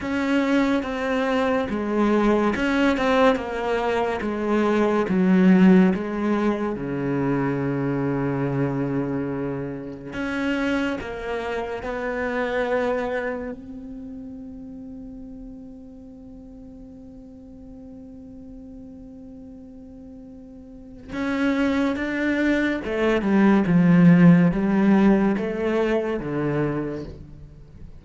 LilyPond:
\new Staff \with { instrumentName = "cello" } { \time 4/4 \tempo 4 = 71 cis'4 c'4 gis4 cis'8 c'8 | ais4 gis4 fis4 gis4 | cis1 | cis'4 ais4 b2 |
c'1~ | c'1~ | c'4 cis'4 d'4 a8 g8 | f4 g4 a4 d4 | }